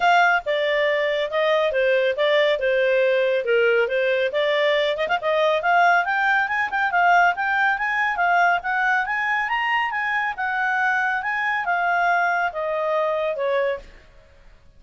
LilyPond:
\new Staff \with { instrumentName = "clarinet" } { \time 4/4 \tempo 4 = 139 f''4 d''2 dis''4 | c''4 d''4 c''2 | ais'4 c''4 d''4. dis''16 f''16 | dis''4 f''4 g''4 gis''8 g''8 |
f''4 g''4 gis''4 f''4 | fis''4 gis''4 ais''4 gis''4 | fis''2 gis''4 f''4~ | f''4 dis''2 cis''4 | }